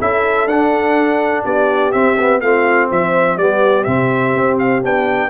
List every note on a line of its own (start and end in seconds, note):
0.00 0.46 C#4
0.00 0.49 E4
0.00 1.45 A4
0.00 0.48 E5
0.46 1.43 D4
0.46 1.93 D4
0.46 1.44 F#5
1.45 1.94 B3
1.45 2.42 G4
1.45 1.92 D5
1.92 2.18 C4
1.92 2.41 C4
1.92 2.40 E5
2.19 2.43 B3
2.41 2.89 A3
2.41 3.39 C4
2.41 2.90 F4
2.41 2.89 F5
2.91 3.37 F3
2.91 3.40 C5
2.91 3.38 E5
3.37 3.86 G3
3.37 3.86 B3
3.37 5.29 G4
3.37 3.84 D5
3.84 4.34 C3
3.84 4.83 C4
3.84 4.57 E5
4.34 4.83 C4
4.59 4.83 F5
4.83 5.29 B3
4.83 5.29 D4
4.83 5.29 G5